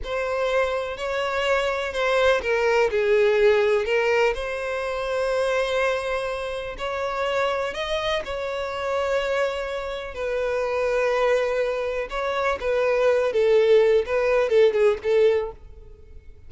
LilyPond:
\new Staff \with { instrumentName = "violin" } { \time 4/4 \tempo 4 = 124 c''2 cis''2 | c''4 ais'4 gis'2 | ais'4 c''2.~ | c''2 cis''2 |
dis''4 cis''2.~ | cis''4 b'2.~ | b'4 cis''4 b'4. a'8~ | a'4 b'4 a'8 gis'8 a'4 | }